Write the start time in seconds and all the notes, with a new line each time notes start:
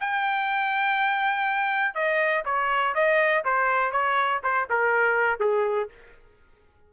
0.00 G5
1.95 D#5
2.45 C#5
2.95 D#5
3.44 C5
3.92 C#5
4.43 C5
4.70 A#4
5.40 G#4